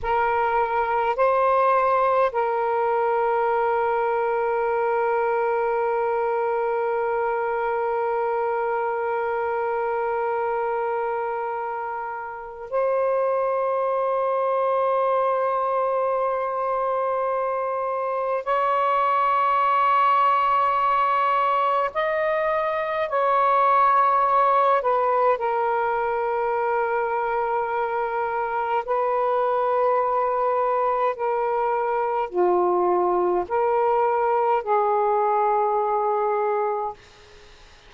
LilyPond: \new Staff \with { instrumentName = "saxophone" } { \time 4/4 \tempo 4 = 52 ais'4 c''4 ais'2~ | ais'1~ | ais'2. c''4~ | c''1 |
cis''2. dis''4 | cis''4. b'8 ais'2~ | ais'4 b'2 ais'4 | f'4 ais'4 gis'2 | }